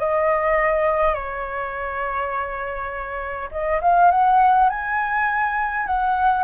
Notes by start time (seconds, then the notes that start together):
0.00 D#5
1.14 C#5
3.52 D#5
3.82 F5
4.11 F#5
4.70 G#5
5.87 F#5